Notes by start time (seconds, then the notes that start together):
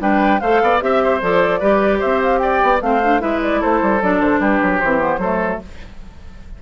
0.00 G3 D4 B4 G5
0.40 A3 A4 C5 F5
0.62 B3 D5
0.81 C4 G4 E5
1.03 C5
1.22 F3 A4 D5
1.60 G3 G4 B4
1.99 C4 C5 E5
2.23 F5
2.39 D5 G5
2.63 B3
2.81 A3 C4 C5 F5
3.03 D4
3.20 G#3 E4 B4 E5
3.42 D5
3.61 A3 A4 C5
3.82 G3
4.02 F#3 D4 D5
4.21 D3 C5
4.39 G3 G4 B4
4.62 F#3
4.79 E3 C5
4.85 C4
4.99 B3
5.18 F#3 A3 A4